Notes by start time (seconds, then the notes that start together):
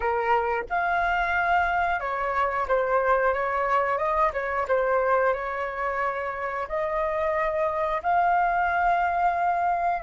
0.00 A#4
0.69 F5
2.00 C#5
2.68 C5
3.33 C#5
3.98 D#5
4.33 C#5
4.68 C5
5.33 C#5
6.68 D#5
8.02 F5